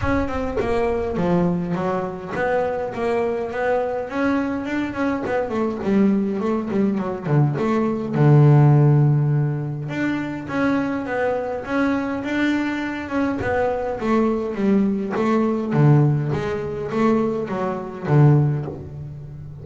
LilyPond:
\new Staff \with { instrumentName = "double bass" } { \time 4/4 \tempo 4 = 103 cis'8 c'8 ais4 f4 fis4 | b4 ais4 b4 cis'4 | d'8 cis'8 b8 a8 g4 a8 g8 | fis8 d8 a4 d2~ |
d4 d'4 cis'4 b4 | cis'4 d'4. cis'8 b4 | a4 g4 a4 d4 | gis4 a4 fis4 d4 | }